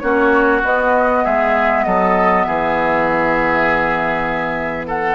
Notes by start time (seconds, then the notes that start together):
0.00 A#3 C#4 F#4 C#5
0.64 B3 D#5
1.24 G#3 G#4 E5
1.84 F#3 A4 D#5
2.44 E3 G#4 E5
4.87 A4 F#5